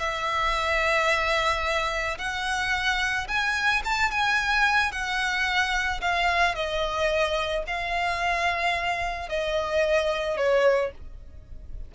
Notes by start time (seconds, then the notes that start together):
0.00 E5
2.19 F#5
3.28 G#5
3.85 A5
4.12 G#5
4.92 F#5
6.01 F5
6.56 D#5
7.68 F5
9.30 D#5
10.38 C#5